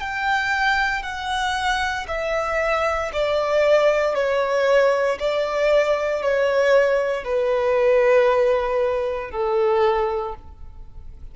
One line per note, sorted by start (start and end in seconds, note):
0.00 1.03 G5
1.03 2.06 F#5
2.08 3.11 E5
3.13 4.14 D5
4.14 5.18 C#5
5.19 6.22 D5
6.22 7.24 C#5
7.24 9.31 B4
9.31 10.34 A4